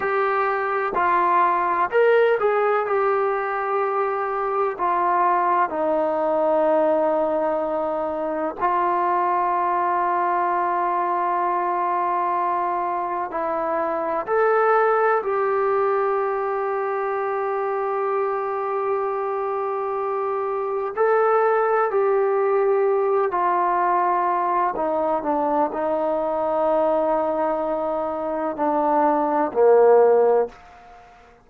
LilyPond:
\new Staff \with { instrumentName = "trombone" } { \time 4/4 \tempo 4 = 63 g'4 f'4 ais'8 gis'8 g'4~ | g'4 f'4 dis'2~ | dis'4 f'2.~ | f'2 e'4 a'4 |
g'1~ | g'2 a'4 g'4~ | g'8 f'4. dis'8 d'8 dis'4~ | dis'2 d'4 ais4 | }